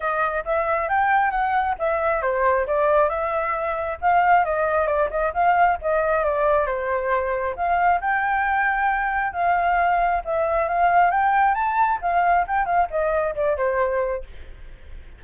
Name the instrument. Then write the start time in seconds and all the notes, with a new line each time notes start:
flute
0.00 D#5
0.44 E5
0.88 G5
1.31 F#5
1.78 E5
2.21 C5
2.66 D5
3.09 E5
4.01 F5
4.44 D#5
4.86 D5
5.10 D#5
5.33 F5
5.81 D#5
6.24 D5
6.66 C5
7.56 F5
8.00 G5
9.33 F5
10.24 E5
10.68 F5
11.10 G5
11.54 A5
12.01 F5
12.47 G5
12.65 F5
12.90 D#5
13.35 D5
13.57 C5